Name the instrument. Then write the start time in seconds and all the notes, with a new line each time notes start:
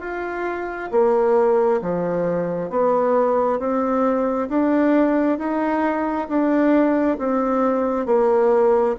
bassoon
0.00 F4
0.91 A#3
1.82 F3
2.69 B3
3.59 C4
4.49 D4
5.38 D#4
6.28 D4
7.18 C4
8.06 A#3